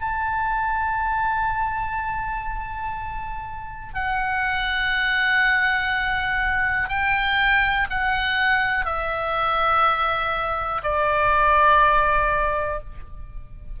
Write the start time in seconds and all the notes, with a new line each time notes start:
0.00 A5
3.94 F#5
6.89 G5
7.90 F#5
8.85 E5
10.83 D5